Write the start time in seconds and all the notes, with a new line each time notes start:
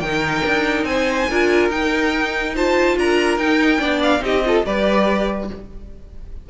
0.00 D#3 D#4 A#4 G5
0.45 D4
0.84 C4 C5 G#5
1.30 D4 F4 A#4
1.69 D#4 G5
2.54 F4 C5 A5
2.97 D4 A#4 A#5
3.37 D#4 G5
3.78 B3 D4 D5
4.03 F5
4.20 C4 D#4 G4 D#5
4.45 F4 A4
4.65 G3 G4 B4 D5